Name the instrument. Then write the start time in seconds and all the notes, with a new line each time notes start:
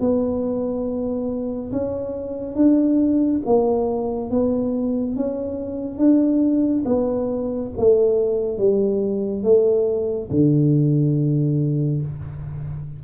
tuba
0.00 B3
1.72 C#4
2.55 D4
3.46 A#3
4.31 B3
5.16 C#4
5.98 D4
6.85 B3
7.77 A3
8.58 G3
9.43 A3
10.30 D3